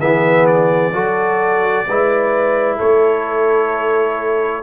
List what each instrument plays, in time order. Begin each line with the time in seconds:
0.00 tuba E3, trombone B3, horn G#4, trumpet E5
0.46 trumpet D5
0.93 tuba F#3, trombone F#4, horn A4
1.87 tuba G#3, trombone E4, horn B4
2.77 tuba A3, horn A4, trumpet C#5